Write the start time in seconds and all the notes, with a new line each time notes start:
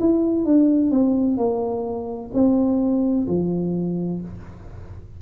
0.00 E4
0.45 D4
0.91 C4
1.37 A#3
2.33 C4
3.27 F3